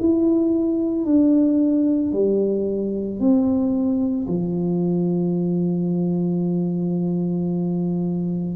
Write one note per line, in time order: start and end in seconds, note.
0.00 1.06 E4
1.06 2.13 D4
2.13 3.20 G3
3.20 4.27 C4
4.28 8.56 F3